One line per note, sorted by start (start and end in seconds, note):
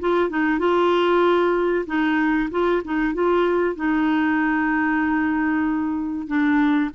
0.00 0.30 F4
0.30 0.59 D#4
0.59 1.85 F4
1.87 2.50 D#4
2.51 2.83 F4
2.85 3.14 D#4
3.14 3.76 F4
3.76 6.28 D#4
6.28 6.91 D4